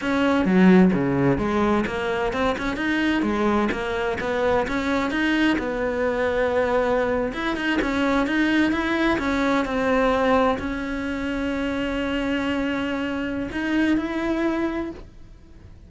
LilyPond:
\new Staff \with { instrumentName = "cello" } { \time 4/4 \tempo 4 = 129 cis'4 fis4 cis4 gis4 | ais4 c'8 cis'8 dis'4 gis4 | ais4 b4 cis'4 dis'4 | b2.~ b8. e'16~ |
e'16 dis'8 cis'4 dis'4 e'4 cis'16~ | cis'8. c'2 cis'4~ cis'16~ | cis'1~ | cis'4 dis'4 e'2 | }